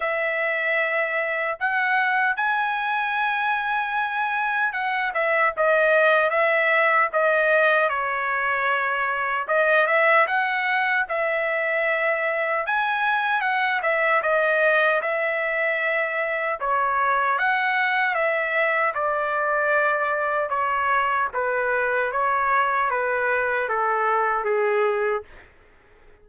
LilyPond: \new Staff \with { instrumentName = "trumpet" } { \time 4/4 \tempo 4 = 76 e''2 fis''4 gis''4~ | gis''2 fis''8 e''8 dis''4 | e''4 dis''4 cis''2 | dis''8 e''8 fis''4 e''2 |
gis''4 fis''8 e''8 dis''4 e''4~ | e''4 cis''4 fis''4 e''4 | d''2 cis''4 b'4 | cis''4 b'4 a'4 gis'4 | }